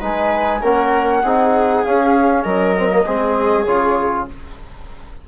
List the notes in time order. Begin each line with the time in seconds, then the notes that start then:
0.00 G#3 D#4 B4 G#5
0.61 A#3 C#4 A#4 F#5
1.23 C4 D#4 G#4
1.84 C#4 F5
2.43 F#3 A#4 D#5
2.76 C4
2.89 A#3
3.05 G#3 C4 G#4
3.64 C#3 F4 C#5